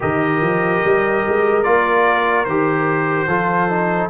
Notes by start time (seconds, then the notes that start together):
0.00 D#3 G4 A#4 D#5
0.41 F3
0.84 G3
1.28 G#3
1.63 A#3 F4 D5
2.44 D#3 G4 C5
3.27 F3 F4 A4
3.69 D#4